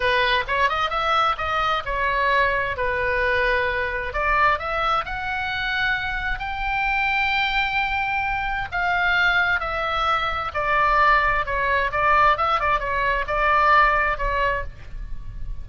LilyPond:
\new Staff \with { instrumentName = "oboe" } { \time 4/4 \tempo 4 = 131 b'4 cis''8 dis''8 e''4 dis''4 | cis''2 b'2~ | b'4 d''4 e''4 fis''4~ | fis''2 g''2~ |
g''2. f''4~ | f''4 e''2 d''4~ | d''4 cis''4 d''4 e''8 d''8 | cis''4 d''2 cis''4 | }